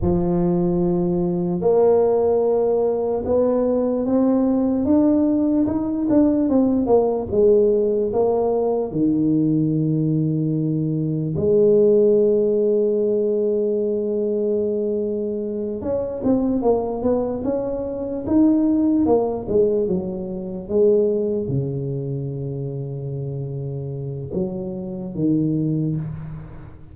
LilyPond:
\new Staff \with { instrumentName = "tuba" } { \time 4/4 \tempo 4 = 74 f2 ais2 | b4 c'4 d'4 dis'8 d'8 | c'8 ais8 gis4 ais4 dis4~ | dis2 gis2~ |
gis2.~ gis8 cis'8 | c'8 ais8 b8 cis'4 dis'4 ais8 | gis8 fis4 gis4 cis4.~ | cis2 fis4 dis4 | }